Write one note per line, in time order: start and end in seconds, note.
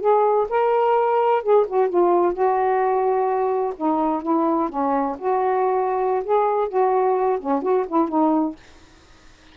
0.00 0.47 G#4
0.49 1.42 A#4
1.42 1.66 G#4
1.67 1.89 F#4
1.89 2.33 F4
2.33 3.74 F#4
3.76 4.22 D#4
4.22 4.69 E4
4.69 5.16 C#4
5.18 6.23 F#4
6.24 6.68 G#4
6.68 7.38 F#4
7.39 7.62 C#4
7.62 7.86 F#4
7.87 8.08 E4
8.08 8.55 D#4